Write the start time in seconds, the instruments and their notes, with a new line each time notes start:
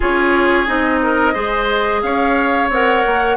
0.00 bassoon C#4, clarinet F4, oboe G#4, flute C#5
0.67 bassoon C4, clarinet D#4, flute D#5
1.03 oboe A#4
1.33 bassoon G#3, clarinet G#4, oboe C5
2.02 bassoon C#4, oboe C#5, flute F5
2.69 bassoon C4, clarinet A#4, flute F#5
3.05 bassoon A#3